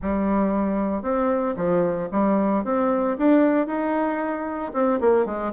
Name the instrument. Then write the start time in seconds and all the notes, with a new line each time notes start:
bassoon
0.02 G3
1.02 C4
1.56 F3
2.11 G3
2.64 C4
3.17 D4
3.66 D#4
4.73 C4
5.00 A#3
5.25 G#3